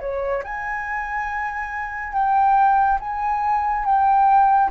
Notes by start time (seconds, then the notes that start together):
0.00 C#5
0.44 G#5
2.13 G5
3.00 G#5
3.85 G5